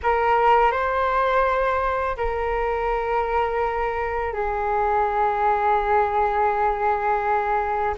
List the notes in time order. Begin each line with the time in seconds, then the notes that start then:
0.03 A#4
0.71 C5
2.16 A#4
4.33 G#4